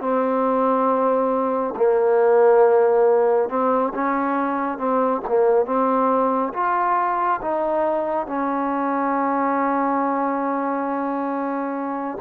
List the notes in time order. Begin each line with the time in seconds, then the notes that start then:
0.00 C4
1.76 A#3
3.49 C4
3.94 C#4
4.78 C4
5.28 A#3
5.66 C4
6.53 F4
7.41 D#4
8.26 C#4